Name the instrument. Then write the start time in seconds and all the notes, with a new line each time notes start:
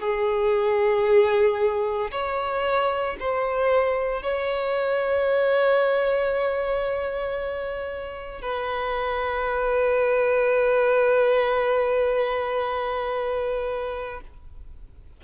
violin
0.00 G#4
2.11 C#5
3.19 C5
4.22 C#5
8.41 B4